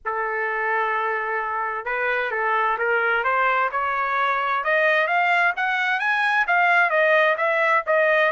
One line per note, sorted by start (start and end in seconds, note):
0.05 1.85 A4
1.85 2.31 B4
2.31 2.77 A4
2.78 3.23 A#4
3.23 3.70 C5
3.71 4.63 C#5
4.63 5.07 D#5
5.07 5.53 F5
5.56 5.99 F#5
5.99 6.45 G#5
6.47 6.89 F5
6.89 7.36 D#5
7.37 7.83 E5
7.86 8.32 D#5